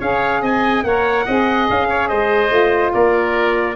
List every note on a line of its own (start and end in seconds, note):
0.00 0.42 C#4
0.00 0.85 G#4
0.00 0.42 C#5
0.00 0.43 F5
0.42 0.84 C4
0.42 0.83 D#5
0.42 0.84 G#5
0.84 1.25 A#3
0.84 1.28 A#4
0.84 1.26 C#5
0.84 1.68 F#5
1.26 1.70 C4
1.26 2.49 G#4
1.26 1.88 D#5
1.70 2.11 C#4
1.70 2.09 F5
1.89 2.09 C#5
2.09 2.51 G#3
2.09 2.92 C5
2.09 2.92 D#5
2.49 2.92 A3
2.49 3.74 F4
2.93 3.76 A#3
2.93 3.76 A#4
2.93 3.76 D5